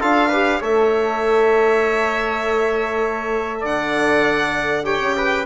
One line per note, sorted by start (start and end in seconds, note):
0.00 0.61 D4
0.00 0.31 F4
0.00 0.28 A4
0.00 0.62 F5
0.28 0.61 G4
0.28 0.58 B4
0.60 3.63 A3
0.60 4.83 A4
0.60 3.60 C#5
0.60 3.65 E5
3.60 5.00 D3
3.60 4.82 D5
3.60 4.85 F#5
4.83 5.44 G4
4.83 5.15 C#5
4.83 5.46 G5
5.00 5.45 C#3
5.17 5.46 B4